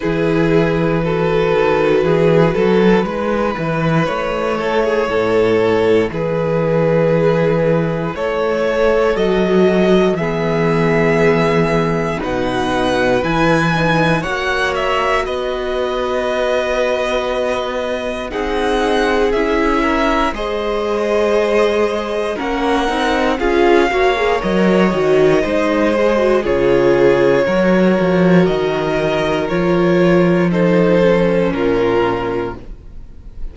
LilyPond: <<
  \new Staff \with { instrumentName = "violin" } { \time 4/4 \tempo 4 = 59 b'1 | cis''2 b'2 | cis''4 dis''4 e''2 | fis''4 gis''4 fis''8 e''8 dis''4~ |
dis''2 fis''4 e''4 | dis''2 fis''4 f''4 | dis''2 cis''2 | dis''4 cis''4 c''4 ais'4 | }
  \new Staff \with { instrumentName = "violin" } { \time 4/4 gis'4 a'4 gis'8 a'8 b'4~ | b'8 a'16 gis'16 a'4 gis'2 | a'2 gis'2 | b'2 cis''4 b'4~ |
b'2 gis'4. ais'8 | c''2 ais'4 gis'8 cis''8~ | cis''4 c''4 gis'4 ais'4~ | ais'2 a'4 f'4 | }
  \new Staff \with { instrumentName = "viola" } { \time 4/4 e'4 fis'2 e'4~ | e'1~ | e'4 fis'4 b2 | dis'4 e'8 dis'8 fis'2~ |
fis'2 dis'4 e'4 | gis'2 cis'8 dis'8 f'8 fis'16 gis'16 | ais'8 fis'8 dis'8 gis'16 fis'16 f'4 fis'4~ | fis'4 f'4 dis'8 cis'4. | }
  \new Staff \with { instrumentName = "cello" } { \time 4/4 e4. dis8 e8 fis8 gis8 e8 | a4 a,4 e2 | a4 fis4 e2 | b,4 e4 ais4 b4~ |
b2 c'4 cis'4 | gis2 ais8 c'8 cis'8 ais8 | fis8 dis8 gis4 cis4 fis8 f8 | dis4 f2 ais,4 | }
>>